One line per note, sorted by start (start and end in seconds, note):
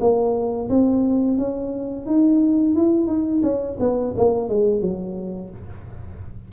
0.00 0.69 A#3
0.69 1.38 C4
1.38 2.06 C#4
2.06 2.75 D#4
2.75 3.07 E4
3.07 3.41 D#4
3.43 3.77 C#4
3.80 4.14 B3
4.17 4.49 A#3
4.49 4.81 G#3
4.81 5.50 F#3